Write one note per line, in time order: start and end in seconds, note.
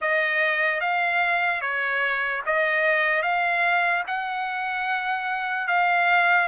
0.01 0.80 D#5
0.80 1.61 F5
1.61 2.42 C#5
2.45 3.22 D#5
3.22 4.03 F5
4.07 5.68 F#5
5.68 6.48 F5